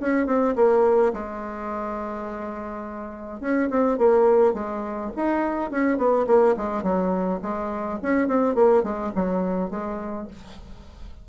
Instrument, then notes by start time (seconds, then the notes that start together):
bassoon
0.00 C#4
0.26 C4
0.56 A#3
1.13 G#3
3.41 C#4
3.70 C4
3.98 A#3
4.54 G#3
5.16 D#4
5.71 C#4
5.98 B3
6.27 A#3
6.57 G#3
6.83 F#3
7.42 G#3
8.03 C#4
8.28 C4
8.55 A#3
8.83 G#3
9.15 F#3
9.70 G#3